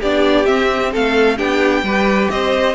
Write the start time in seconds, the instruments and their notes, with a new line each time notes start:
0.00 cello B3, viola D4, violin G4 D5
0.45 viola C4, cello C4, violin E5
0.92 cello A3, violin A4 F5
1.37 cello B3, viola D4, violin G4 G5
1.83 cello G3, viola G4, violin B4
2.30 cello C4, violin C5 D#5